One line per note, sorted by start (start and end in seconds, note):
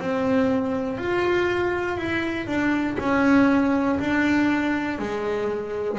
0.00 0.98 C4
0.98 1.97 F4
1.97 2.47 E4
2.47 2.97 D4
2.99 3.99 C#4
4.00 4.99 D4
4.99 5.99 G#3